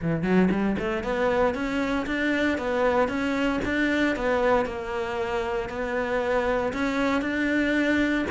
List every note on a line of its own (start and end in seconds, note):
0.01 0.22 E3
0.22 0.48 F#3
0.50 0.76 G3
0.78 1.03 A3
1.03 1.54 B3
1.54 2.05 C#4
2.06 2.57 D4
2.58 3.08 B3
3.08 3.60 C#4
3.65 4.16 D4
4.16 4.65 B3
4.65 5.69 A#3
5.69 6.72 B3
6.73 7.21 C#4
7.21 8.25 D4